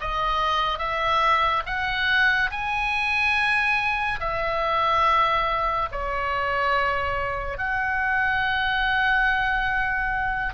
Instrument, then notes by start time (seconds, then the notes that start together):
oboe
0.00 D#5
0.78 E5
1.66 F#5
2.50 G#5
4.20 E5
5.91 C#5
7.58 F#5